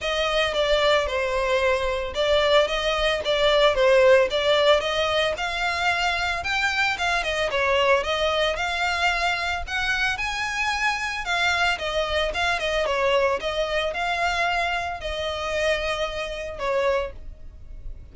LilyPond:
\new Staff \with { instrumentName = "violin" } { \time 4/4 \tempo 4 = 112 dis''4 d''4 c''2 | d''4 dis''4 d''4 c''4 | d''4 dis''4 f''2 | g''4 f''8 dis''8 cis''4 dis''4 |
f''2 fis''4 gis''4~ | gis''4 f''4 dis''4 f''8 dis''8 | cis''4 dis''4 f''2 | dis''2. cis''4 | }